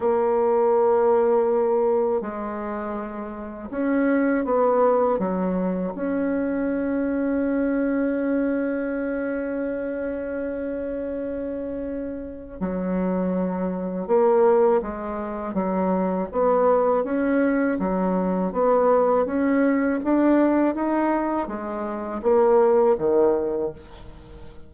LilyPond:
\new Staff \with { instrumentName = "bassoon" } { \time 4/4 \tempo 4 = 81 ais2. gis4~ | gis4 cis'4 b4 fis4 | cis'1~ | cis'1~ |
cis'4 fis2 ais4 | gis4 fis4 b4 cis'4 | fis4 b4 cis'4 d'4 | dis'4 gis4 ais4 dis4 | }